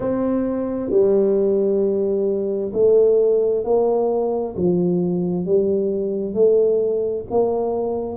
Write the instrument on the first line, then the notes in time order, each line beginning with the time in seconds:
tuba
0.00 C4
0.90 G3
2.73 A3
3.64 A#3
4.56 F3
5.45 G3
6.33 A3
7.30 A#3